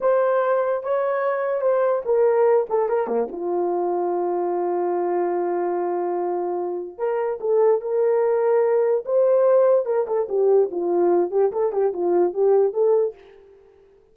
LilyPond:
\new Staff \with { instrumentName = "horn" } { \time 4/4 \tempo 4 = 146 c''2 cis''2 | c''4 ais'4. a'8 ais'8 ais8 | f'1~ | f'1~ |
f'4 ais'4 a'4 ais'4~ | ais'2 c''2 | ais'8 a'8 g'4 f'4. g'8 | a'8 g'8 f'4 g'4 a'4 | }